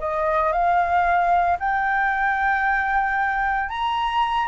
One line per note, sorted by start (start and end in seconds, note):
0.00 0.53 D#5
0.53 1.58 F5
1.60 3.70 G5
3.70 4.48 A#5